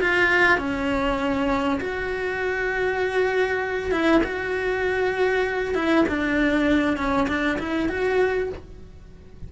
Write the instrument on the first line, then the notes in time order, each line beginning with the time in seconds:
cello
0.00 F4
0.58 C#4
1.80 F#4
3.91 E4
4.23 F#4
5.74 E4
6.08 D4
6.97 C#4
7.28 D4
7.58 E4
7.88 F#4